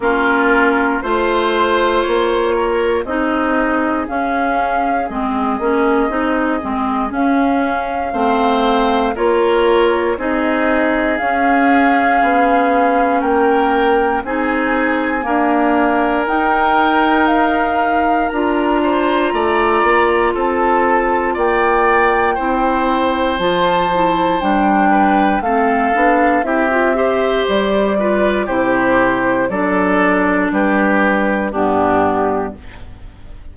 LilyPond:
<<
  \new Staff \with { instrumentName = "flute" } { \time 4/4 \tempo 4 = 59 ais'4 c''4 cis''4 dis''4 | f''4 dis''2 f''4~ | f''4 cis''4 dis''4 f''4~ | f''4 g''4 gis''2 |
g''4 f''4 ais''2 | a''4 g''2 a''4 | g''4 f''4 e''4 d''4 | c''4 d''4 b'4 g'4 | }
  \new Staff \with { instrumentName = "oboe" } { \time 4/4 f'4 c''4. ais'8 gis'4~ | gis'1 | c''4 ais'4 gis'2~ | gis'4 ais'4 gis'4 ais'4~ |
ais'2~ ais'8 c''8 d''4 | a'4 d''4 c''2~ | c''8 b'8 a'4 g'8 c''4 b'8 | g'4 a'4 g'4 d'4 | }
  \new Staff \with { instrumentName = "clarinet" } { \time 4/4 cis'4 f'2 dis'4 | cis'4 c'8 cis'8 dis'8 c'8 cis'4 | c'4 f'4 dis'4 cis'4~ | cis'2 dis'4 ais4 |
dis'2 f'2~ | f'2 e'4 f'8 e'8 | d'4 c'8 d'8 e'16 f'16 g'4 f'8 | e'4 d'2 b4 | }
  \new Staff \with { instrumentName = "bassoon" } { \time 4/4 ais4 a4 ais4 c'4 | cis'4 gis8 ais8 c'8 gis8 cis'4 | a4 ais4 c'4 cis'4 | b4 ais4 c'4 d'4 |
dis'2 d'4 a8 ais8 | c'4 ais4 c'4 f4 | g4 a8 b8 c'4 g4 | c4 fis4 g4 g,4 | }
>>